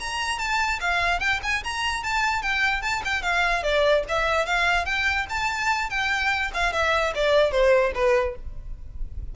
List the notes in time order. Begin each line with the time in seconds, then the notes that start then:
0.00 A#5
0.39 A5
0.81 F5
1.20 G5
1.43 G#5
1.64 A#5
2.04 A5
2.42 G5
2.82 A5
3.05 G5
3.22 F5
3.63 D5
4.09 E5
4.46 F5
4.86 G5
5.30 A5
5.90 G5
6.54 F5
6.73 E5
7.15 D5
7.52 C5
7.95 B4